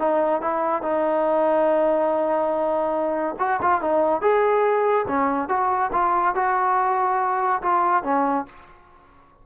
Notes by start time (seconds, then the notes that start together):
0.00 D#4
0.42 E4
0.83 D#4
3.39 F#4
3.62 F4
3.82 D#4
4.22 G#4
5.08 C#4
5.49 F#4
5.93 F4
6.36 F#4
7.63 F4
8.04 C#4